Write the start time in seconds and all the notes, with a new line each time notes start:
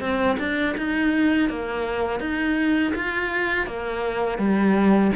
0.00 C4
0.39 D4
0.77 D#4
1.49 A#3
2.20 D#4
2.95 F4
3.66 A#3
4.38 G3